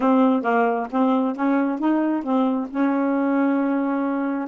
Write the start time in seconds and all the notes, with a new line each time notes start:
0.00 C4
0.42 A#3
0.90 C4
1.35 C#4
1.79 D#4
2.23 C4
2.70 C#4